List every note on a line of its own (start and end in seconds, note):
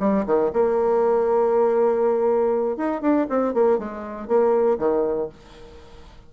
0.00 0.25 G3
0.26 0.51 D#3
0.53 2.77 A#3
2.77 3.02 D#4
3.02 3.27 D4
3.29 3.54 C4
3.54 3.79 A#3
3.79 4.28 G#3
4.28 4.79 A#3
4.79 5.29 D#3